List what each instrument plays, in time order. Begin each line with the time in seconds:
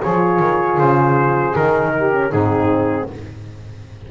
0.00 double bass F3, horn F4, saxophone G#4, trumpet C#5
0.39 double bass D#3
0.78 double bass C#3, trumpet C5
1.55 double bass D#3, horn D#4, trumpet A#4
1.97 saxophone G4
2.12 horn C#4
2.30 double bass G#2, horn C4, saxophone D#4, trumpet G#4